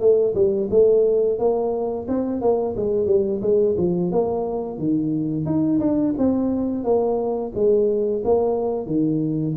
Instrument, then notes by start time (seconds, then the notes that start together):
tuba
0.00 A3
0.35 G3
0.70 A3
1.39 A#3
2.08 C4
2.41 A#3
2.76 G#3
3.06 G3
3.42 G#3
3.77 F3
4.12 A#3
4.79 D#3
5.45 D#4
5.80 D4
6.18 C4
6.84 A#3
7.55 G#3
8.24 A#3
8.86 D#3